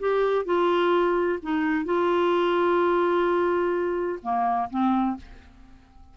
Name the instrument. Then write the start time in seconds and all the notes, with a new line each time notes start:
clarinet
0.00 G4
0.46 F4
1.43 D#4
1.85 F4
4.23 A#3
4.70 C4